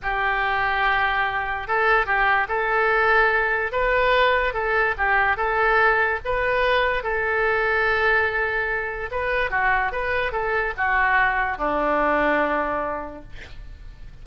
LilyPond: \new Staff \with { instrumentName = "oboe" } { \time 4/4 \tempo 4 = 145 g'1 | a'4 g'4 a'2~ | a'4 b'2 a'4 | g'4 a'2 b'4~ |
b'4 a'2.~ | a'2 b'4 fis'4 | b'4 a'4 fis'2 | d'1 | }